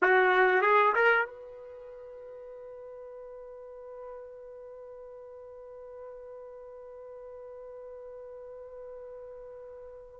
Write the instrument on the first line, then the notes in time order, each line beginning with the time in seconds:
trumpet
0.02 F#4
0.61 G#4
0.95 A#4
1.26 B4